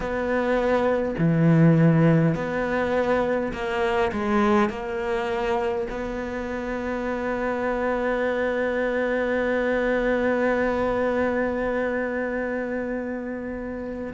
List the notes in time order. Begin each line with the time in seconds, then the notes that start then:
0.00 B3
1.18 E3
2.34 B3
3.52 A#3
4.12 G#3
4.70 A#3
5.89 B3